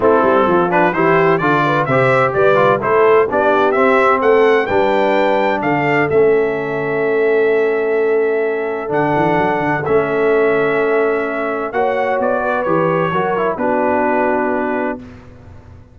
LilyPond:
<<
  \new Staff \with { instrumentName = "trumpet" } { \time 4/4 \tempo 4 = 128 a'4. b'8 c''4 d''4 | e''4 d''4 c''4 d''4 | e''4 fis''4 g''2 | f''4 e''2.~ |
e''2. fis''4~ | fis''4 e''2.~ | e''4 fis''4 d''4 cis''4~ | cis''4 b'2. | }
  \new Staff \with { instrumentName = "horn" } { \time 4/4 e'4 f'4 g'4 a'8 b'8 | c''4 b'4 a'4 g'4~ | g'4 a'4 b'2 | a'1~ |
a'1~ | a'1~ | a'4 cis''4. b'4. | ais'4 fis'2. | }
  \new Staff \with { instrumentName = "trombone" } { \time 4/4 c'4. d'8 e'4 f'4 | g'4. f'8 e'4 d'4 | c'2 d'2~ | d'4 cis'2.~ |
cis'2. d'4~ | d'4 cis'2.~ | cis'4 fis'2 g'4 | fis'8 e'8 d'2. | }
  \new Staff \with { instrumentName = "tuba" } { \time 4/4 a8 g8 f4 e4 d4 | c4 g4 a4 b4 | c'4 a4 g2 | d4 a2.~ |
a2. d8 e8 | fis8 d8 a2.~ | a4 ais4 b4 e4 | fis4 b2. | }
>>